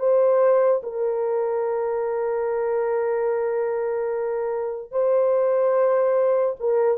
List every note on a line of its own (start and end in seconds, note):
0.00 0.82 C5
0.84 4.92 A#4
4.92 6.56 C5
6.60 6.98 A#4